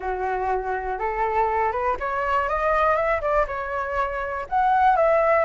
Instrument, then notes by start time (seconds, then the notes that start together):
flute
0.00 F#4
0.98 A4
1.72 B4
1.99 C#5
2.48 D#5
2.96 E5
3.21 D5
3.47 C#5
4.49 F#5
4.96 E5